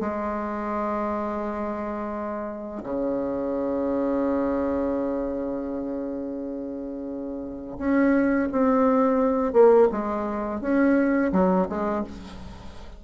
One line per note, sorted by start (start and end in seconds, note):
0.00 2.82 G#3
2.83 7.77 C#3
7.78 8.48 C#4
8.52 9.53 C4
9.53 9.88 A#3
9.91 10.61 G#3
10.61 11.31 C#4
11.32 11.67 F#3
11.69 12.04 G#3